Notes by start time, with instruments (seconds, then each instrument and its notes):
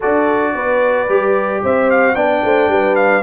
0.00 tuba D4, trombone F#4, horn A4, trumpet D5
0.55 tuba B3, horn B4
1.08 tuba G3, trombone G4
1.63 tuba C4, horn C5, trumpet E5
1.90 trumpet F5
2.15 tuba B3, trombone D4, horn D5, trumpet G5
2.43 tuba A3, horn C5
2.68 tuba G3, horn B4
2.95 trumpet F5